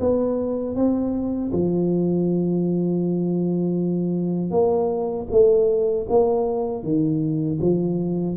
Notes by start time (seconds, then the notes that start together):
0.00 B3
0.76 C4
1.52 F3
4.51 A#3
5.31 A3
6.09 A#3
6.83 D#3
7.61 F3